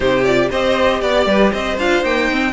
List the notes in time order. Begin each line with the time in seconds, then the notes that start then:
0.00 C3 D#4 G4 C5
0.24 F4 D5
0.50 C4 G4 C5 D#5
1.01 B3 D5
1.26 G3 B4
1.51 C4 C5 D#5
1.77 D4 F4 F5
2.02 A#3 D#4 G5
2.31 C4